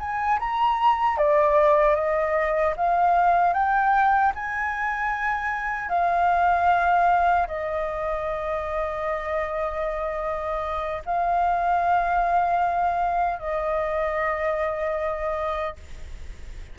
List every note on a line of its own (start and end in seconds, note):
0.00 0.39 G#5
0.40 1.18 A#5
1.18 1.96 D5
1.96 2.75 D#5
2.77 3.54 F5
3.54 4.33 G5
4.36 5.90 G#5
5.90 7.47 F5
7.48 11.03 D#5
11.06 13.39 F5
13.39 15.76 D#5